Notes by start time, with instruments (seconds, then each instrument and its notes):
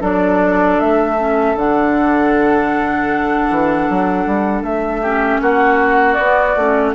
0.00 bassoon F#3, clarinet D4, oboe A4, flute D5
0.79 bassoon A3, flute E5
1.17 clarinet C#4
1.55 bassoon D3, clarinet D4, flute F#5
3.50 bassoon E3
3.89 bassoon F#3
4.26 bassoon G3
4.62 bassoon A3, flute E5
5.02 clarinet C#4, oboe G4
5.41 bassoon A#3, oboe F#4, flute F#5
6.13 bassoon B3, clarinet B3, flute D5
6.56 bassoon A3, clarinet C#4